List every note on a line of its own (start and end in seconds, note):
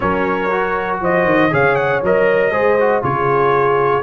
0.00 1.01 F#3
0.00 0.50 C#4
0.00 1.01 A#4
0.00 0.98 C#5
0.51 1.50 F#4
1.01 1.24 F3
1.01 1.51 C5
1.01 1.54 D#5
1.24 1.50 D#3
1.50 2.02 C#3
1.50 2.01 G#4
1.50 2.52 C#5
1.50 1.75 F5
1.75 2.00 F#5
2.02 2.51 F#3
2.02 2.51 A#4
2.02 3.03 D#5
2.51 3.01 G#3
2.51 2.77 G#4
2.51 3.02 C5
2.79 3.02 F#4
3.02 4.03 C#3
3.02 4.03 F4
3.02 4.03 G#4
3.02 4.03 C#5